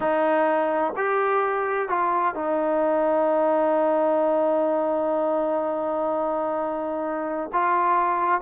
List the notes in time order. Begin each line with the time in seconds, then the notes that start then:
0.00 D#4
0.96 G4
1.89 F4
2.34 D#4
7.53 F4